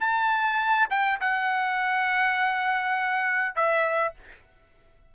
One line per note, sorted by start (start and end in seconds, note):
0.00 0.88 A5
0.90 1.20 G5
1.21 3.56 F#5
3.56 4.14 E5